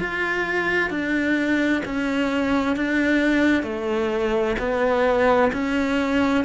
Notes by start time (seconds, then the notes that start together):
0.00 F4
0.91 D4
1.85 C#4
2.77 D4
3.63 A3
4.59 B3
5.53 C#4